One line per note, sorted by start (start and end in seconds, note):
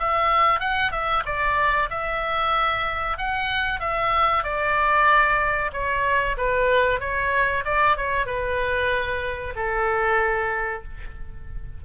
0.00 0.60 E5
0.60 0.92 F#5
0.92 1.24 E5
1.26 1.90 D5
1.91 3.18 E5
3.18 3.81 F#5
3.81 4.44 E5
4.44 5.72 D5
5.73 6.37 C#5
6.37 7.00 B4
7.00 7.64 C#5
7.65 7.97 D5
7.97 8.27 C#5
8.27 9.54 B4
9.56 10.84 A4